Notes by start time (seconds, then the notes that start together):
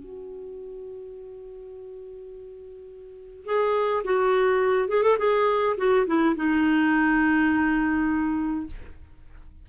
0.00 F#4
3.45 G#4
4.04 F#4
4.89 G#4
5.03 A4
5.18 G#4
5.77 F#4
6.07 E4
6.36 D#4